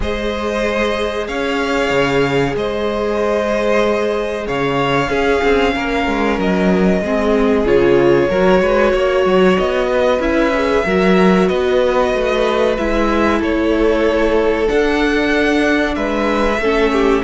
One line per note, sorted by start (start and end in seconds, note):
0.00 1.28 G#3
0.00 5.10 G#4
0.00 1.27 C5
0.00 1.27 D#5
1.27 1.90 C#4
1.27 2.55 C#5
1.27 2.55 F5
1.90 2.54 C#3
2.55 4.47 G#3
2.55 4.47 C5
2.55 4.47 D#5
4.47 5.09 C#3
4.47 5.10 C#5
4.47 6.39 F5
5.09 5.41 C#4
5.09 7.03 C#4
5.09 5.73 G#4
5.43 5.75 C4
5.74 6.07 A#3
5.74 7.02 A#4
6.07 6.38 G#3
6.38 7.01 F#3
6.38 7.67 D#5
7.01 7.64 G#3
7.01 7.66 C4
7.01 8.29 G#4
7.65 8.29 C#3
7.65 8.30 F4
7.65 9.57 C#5
8.29 8.60 F#3
8.29 10.20 F#4
8.29 8.61 A#4
8.60 8.92 G#3
8.60 8.92 B4
8.92 9.25 A#3
8.92 9.88 C#5
9.25 9.57 F#3
9.57 10.19 B3
9.57 10.21 D#5
9.91 10.85 B4
10.19 10.83 C#4
10.19 10.52 E4
10.19 11.48 E5
10.54 10.86 G#4
10.85 11.49 F#3
10.85 12.77 F#4
10.85 11.48 A#4
11.48 12.13 B3
11.48 13.38 B4
11.48 12.75 D#5
12.13 12.77 A3
12.77 13.41 G#3
12.77 14.67 E4
12.77 13.41 E5
13.38 14.68 A3
13.38 15.93 A4
13.38 14.68 C#5
14.67 16.58 D4
14.67 15.96 D4
14.67 15.95 F#5
15.95 16.58 G#3
15.95 16.60 B4
15.95 17.22 E5
16.58 17.22 A3
16.58 17.23 C#4
16.58 16.92 A4
16.92 17.23 G4